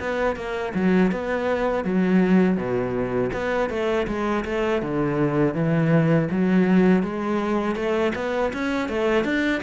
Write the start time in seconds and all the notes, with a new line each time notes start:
0.00 B3
0.36 A#3
0.75 F#3
1.12 B3
1.85 F#3
2.57 B2
3.33 B3
3.70 A3
4.08 G#3
4.45 A3
4.82 D3
5.55 E3
6.31 F#3
7.03 G#3
7.76 A3
8.16 B3
8.54 C#4
8.89 A3
9.25 D4